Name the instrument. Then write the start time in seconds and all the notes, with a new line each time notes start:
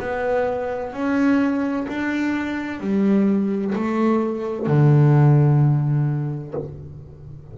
double bass
0.00 B3
0.93 C#4
1.88 D4
2.80 G3
3.75 A3
4.67 D3